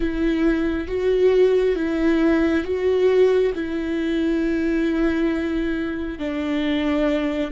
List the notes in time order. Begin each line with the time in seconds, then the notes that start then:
0.00 E4
0.87 F#4
1.75 E4
2.64 F#4
3.55 E4
6.18 D4